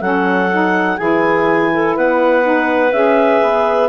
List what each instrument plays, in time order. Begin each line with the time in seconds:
0.00 bassoon F#3, saxophone C#4, clarinet A4 F#5
0.50 saxophone D#4
0.97 bassoon E3, saxophone E4, clarinet G#4 G#5
1.74 clarinet A4
1.96 bassoon B3, clarinet B4 F#5
2.42 saxophone D#4
2.92 bassoon C#4, saxophone G#4, clarinet E5
3.42 bassoon B3